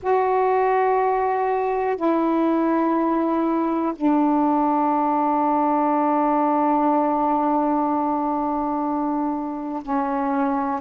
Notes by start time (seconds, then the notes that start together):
0.02 F#4
1.96 E4
3.95 D4
9.83 C#4